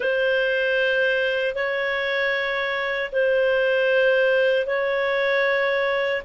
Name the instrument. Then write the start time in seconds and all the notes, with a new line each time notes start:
clarinet
0.00 C5
1.54 C#5
3.12 C5
4.66 C#5